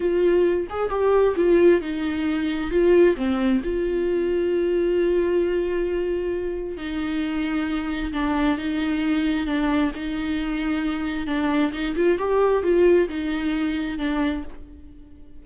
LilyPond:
\new Staff \with { instrumentName = "viola" } { \time 4/4 \tempo 4 = 133 f'4. gis'8 g'4 f'4 | dis'2 f'4 c'4 | f'1~ | f'2. dis'4~ |
dis'2 d'4 dis'4~ | dis'4 d'4 dis'2~ | dis'4 d'4 dis'8 f'8 g'4 | f'4 dis'2 d'4 | }